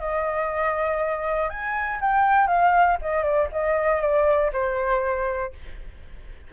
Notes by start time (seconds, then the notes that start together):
0.00 D#5
1.50 G#5
2.01 G5
2.48 F5
3.02 D#5
3.23 D5
3.52 D#5
4.02 D5
4.53 C5